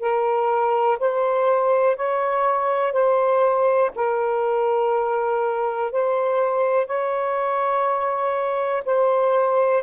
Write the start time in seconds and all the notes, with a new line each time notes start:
0.00 A#4
1.00 C5
1.97 C#5
2.93 C5
3.96 A#4
5.92 C5
6.87 C#5
8.86 C5